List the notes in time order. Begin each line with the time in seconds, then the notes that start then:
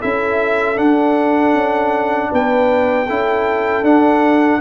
0.00 C#4 E4 A4 E5
0.76 D4 F#5
1.54 C#4
2.30 B3 B4 G5
3.06 C#4 E4 A4
3.82 D4 F#5